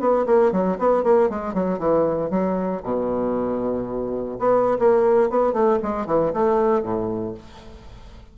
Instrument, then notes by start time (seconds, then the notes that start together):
bassoon
0.00 B3
0.26 A#3
0.52 F#3
0.79 B3
1.03 A#3
1.30 G#3
1.54 F#3
1.79 E3
2.30 F#3
2.83 B2
4.39 B3
4.79 A#3
5.30 B3
5.53 A3
5.83 G#3
6.06 E3
6.33 A3
6.83 A2